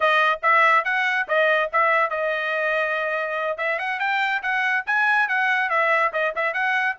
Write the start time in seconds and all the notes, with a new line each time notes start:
0.00 D#5
0.42 E5
0.84 F#5
1.28 D#5
1.72 E5
2.10 D#5
3.57 E5
3.78 F#5
3.99 G5
4.42 F#5
4.86 G#5
5.28 F#5
5.69 E5
6.12 D#5
6.35 E5
6.53 F#5